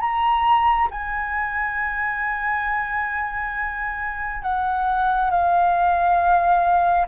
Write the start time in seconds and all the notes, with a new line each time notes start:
0.00 A#5
0.91 G#5
4.42 F#5
5.30 F5